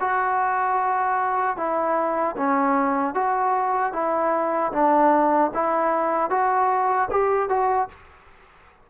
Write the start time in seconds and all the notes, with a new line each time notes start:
0.00 F#4
1.57 E4
2.37 C#4
3.15 F#4
3.93 E4
4.73 D4
5.54 E4
6.30 F#4
7.11 G4
7.49 F#4